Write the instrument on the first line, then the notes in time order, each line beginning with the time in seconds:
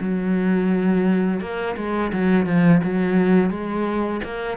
cello
0.00 F#3
1.41 A#3
1.76 G#3
2.12 F#3
2.46 F3
2.83 F#3
3.50 G#3
4.24 A#3